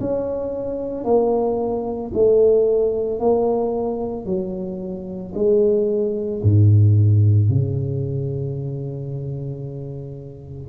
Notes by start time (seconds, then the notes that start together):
0.00 C#4
1.04 A#3
2.14 A3
3.20 A#3
4.26 F#3
5.35 G#3
6.43 G#2
7.49 C#3